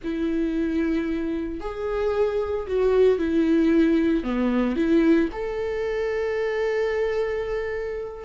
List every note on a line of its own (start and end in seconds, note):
0.03 1.60 E4
1.60 2.66 G#4
2.67 3.18 F#4
3.18 4.23 E4
4.23 4.76 B3
4.76 5.29 E4
5.32 8.24 A4